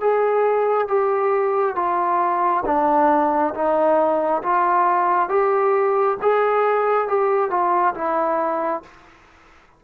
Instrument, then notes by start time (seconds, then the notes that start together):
trombone
0.00 G#4
0.88 G4
1.75 F4
2.65 D4
3.54 D#4
4.42 F4
5.29 G4
6.22 G#4
7.08 G4
7.50 F4
7.95 E4